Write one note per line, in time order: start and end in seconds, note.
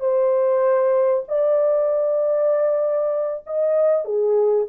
0.00 1.24 C5
1.28 3.45 D5
3.47 4.05 D#5
4.05 4.67 G#4